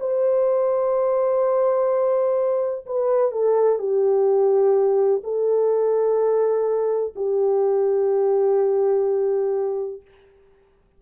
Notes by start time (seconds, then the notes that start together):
0.00 C5
2.86 B4
3.32 A4
3.79 G4
5.23 A4
7.16 G4